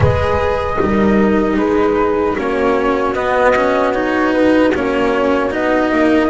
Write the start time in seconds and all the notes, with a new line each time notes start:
0.00 G#3 G#4 B4 D#5
0.79 G3 D#4 A#4
1.57 G#3 G#4 B4
2.35 A#3 C#4 F#4 C#5
3.12 B3 D#5
3.55 C#4
3.93 D#4 C#5
4.33 B4
4.74 A#3 C#4 C#5
5.50 B3 D#4 D#5
5.91 A#3